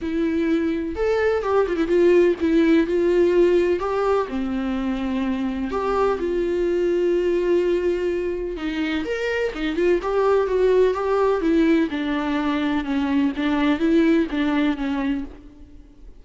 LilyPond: \new Staff \with { instrumentName = "viola" } { \time 4/4 \tempo 4 = 126 e'2 a'4 g'8 f'16 e'16 | f'4 e'4 f'2 | g'4 c'2. | g'4 f'2.~ |
f'2 dis'4 ais'4 | dis'8 f'8 g'4 fis'4 g'4 | e'4 d'2 cis'4 | d'4 e'4 d'4 cis'4 | }